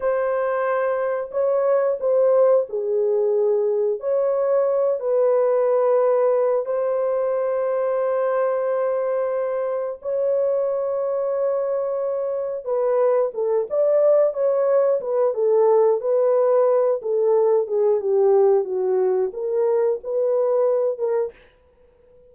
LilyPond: \new Staff \with { instrumentName = "horn" } { \time 4/4 \tempo 4 = 90 c''2 cis''4 c''4 | gis'2 cis''4. b'8~ | b'2 c''2~ | c''2. cis''4~ |
cis''2. b'4 | a'8 d''4 cis''4 b'8 a'4 | b'4. a'4 gis'8 g'4 | fis'4 ais'4 b'4. ais'8 | }